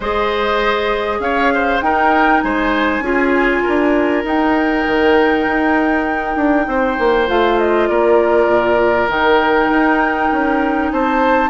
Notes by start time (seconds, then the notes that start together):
0.00 G#3 G#4 C5 D#5
1.19 C#4 C#5 F5
1.54 C5
1.81 D#4 A#4 G5
2.41 G#3 C5 G#5
3.00 C#4 F4 G#4
3.62 D4 A#4
4.24 D#4 G5
4.86 D#3
5.47 D#4
6.36 D4
6.66 C4 C5
6.98 A#3
7.27 A3 F4 F5
7.59 D#5
7.87 A#3 A#4 D5
8.46 A#2
9.08 D#3 D#4 G5
9.68 D#4
10.32 C#4
10.91 C4 C5 A5